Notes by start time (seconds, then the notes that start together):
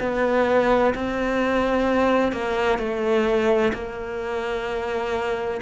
0.00 B3
0.95 C4
2.32 A#3
2.79 A3
3.73 A#3